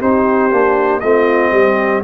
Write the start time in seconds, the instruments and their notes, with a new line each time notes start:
0.00 tuba C4, trombone D#4, horn G4, trumpet C5
0.51 tuba A#3, trombone D4
1.00 tuba A3, trombone C4, horn F4, trumpet D#5
1.52 tuba G3, horn G4